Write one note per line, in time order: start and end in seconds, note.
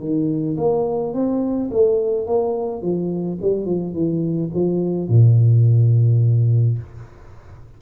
0.00 0.57 D#3
0.57 1.13 A#3
1.13 1.70 C4
1.71 2.27 A3
2.27 2.82 A#3
2.82 3.38 F3
3.41 3.65 G3
3.65 3.93 F3
3.93 4.50 E3
4.54 5.09 F3
5.09 6.78 A#2